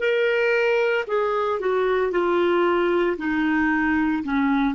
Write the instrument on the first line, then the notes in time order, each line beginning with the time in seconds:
clarinet
0.00 A#4
1.08 G#4
1.60 F#4
2.12 F4
3.18 D#4
4.23 C#4